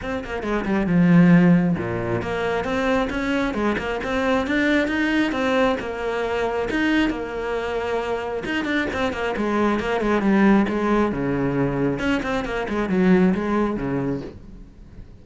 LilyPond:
\new Staff \with { instrumentName = "cello" } { \time 4/4 \tempo 4 = 135 c'8 ais8 gis8 g8 f2 | ais,4 ais4 c'4 cis'4 | gis8 ais8 c'4 d'4 dis'4 | c'4 ais2 dis'4 |
ais2. dis'8 d'8 | c'8 ais8 gis4 ais8 gis8 g4 | gis4 cis2 cis'8 c'8 | ais8 gis8 fis4 gis4 cis4 | }